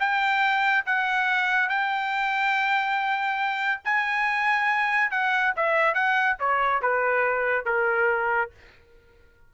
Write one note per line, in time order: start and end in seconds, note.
0.00 0.85 G5
0.86 1.69 F#5
1.69 3.82 G5
3.85 5.11 G#5
5.11 5.53 F#5
5.56 5.94 E5
5.94 6.37 F#5
6.39 6.82 C#5
6.82 7.66 B4
7.66 8.51 A#4